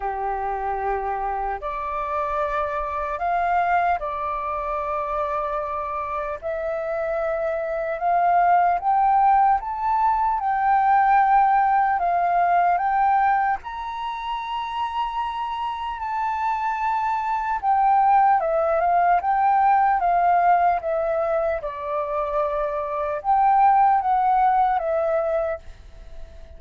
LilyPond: \new Staff \with { instrumentName = "flute" } { \time 4/4 \tempo 4 = 75 g'2 d''2 | f''4 d''2. | e''2 f''4 g''4 | a''4 g''2 f''4 |
g''4 ais''2. | a''2 g''4 e''8 f''8 | g''4 f''4 e''4 d''4~ | d''4 g''4 fis''4 e''4 | }